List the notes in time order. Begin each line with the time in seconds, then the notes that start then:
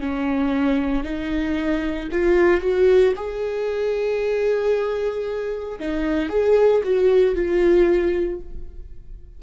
0.00 C#4
1.03 D#4
2.11 F4
2.61 F#4
3.16 G#4
5.79 D#4
6.29 G#4
6.84 F#4
7.35 F4